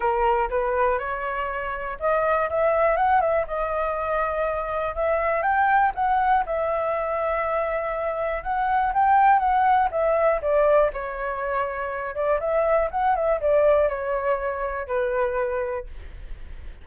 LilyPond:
\new Staff \with { instrumentName = "flute" } { \time 4/4 \tempo 4 = 121 ais'4 b'4 cis''2 | dis''4 e''4 fis''8 e''8 dis''4~ | dis''2 e''4 g''4 | fis''4 e''2.~ |
e''4 fis''4 g''4 fis''4 | e''4 d''4 cis''2~ | cis''8 d''8 e''4 fis''8 e''8 d''4 | cis''2 b'2 | }